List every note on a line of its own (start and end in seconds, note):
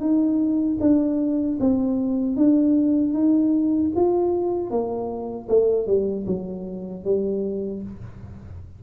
0.00 0.78 D#4
0.80 1.58 D4
1.60 2.36 C4
2.36 3.13 D4
3.13 3.91 D#4
3.95 4.70 F4
4.70 5.48 A#3
5.49 5.87 A3
5.87 6.26 G3
6.26 7.04 F#3
7.04 7.82 G3